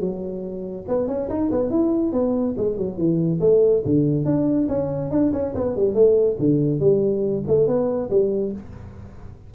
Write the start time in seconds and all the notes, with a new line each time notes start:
0.00 F#3
0.88 B3
1.08 C#4
1.29 D#4
1.51 B3
1.70 E4
2.12 B3
2.57 G#3
2.77 F#3
2.97 E3
3.41 A3
3.85 D3
4.25 D4
4.68 C#4
5.11 D4
5.33 C#4
5.55 B3
5.76 G3
5.95 A3
6.39 D3
6.80 G3
7.47 A3
7.67 B3
8.10 G3